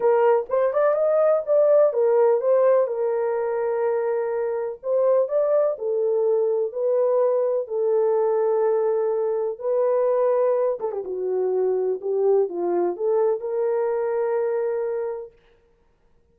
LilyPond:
\new Staff \with { instrumentName = "horn" } { \time 4/4 \tempo 4 = 125 ais'4 c''8 d''8 dis''4 d''4 | ais'4 c''4 ais'2~ | ais'2 c''4 d''4 | a'2 b'2 |
a'1 | b'2~ b'8 a'16 g'16 fis'4~ | fis'4 g'4 f'4 a'4 | ais'1 | }